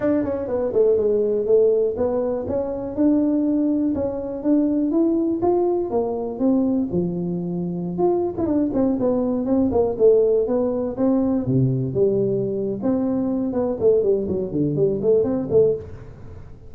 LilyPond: \new Staff \with { instrumentName = "tuba" } { \time 4/4 \tempo 4 = 122 d'8 cis'8 b8 a8 gis4 a4 | b4 cis'4 d'2 | cis'4 d'4 e'4 f'4 | ais4 c'4 f2~ |
f16 f'8. e'16 d'8 c'8 b4 c'8 ais16~ | ais16 a4 b4 c'4 c8.~ | c16 g4.~ g16 c'4. b8 | a8 g8 fis8 d8 g8 a8 c'8 a8 | }